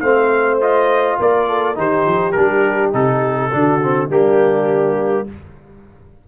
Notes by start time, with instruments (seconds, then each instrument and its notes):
0.00 tuba A3, trombone C4, horn C5, trumpet F5
0.61 trombone F4, trumpet D#5
1.20 tuba A#3, horn A#4, trumpet D5
1.49 horn A4
1.75 tuba D#3, trombone D#4, horn G4, trumpet C5
2.06 tuba F3
2.32 tuba G3, trombone D4, trumpet A#4
2.93 tuba C3, trombone D#4, trumpet A4
3.51 tuba D3, trombone D4, horn F#4
3.83 trombone C4
4.09 tuba G3, trombone A#3, horn D4, trumpet G4